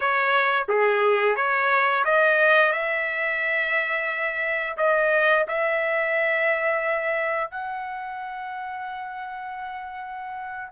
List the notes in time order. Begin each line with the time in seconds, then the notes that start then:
0.00 C#5
0.68 G#4
1.36 C#5
2.04 D#5
2.72 E5
4.77 D#5
5.47 E5
7.51 F#5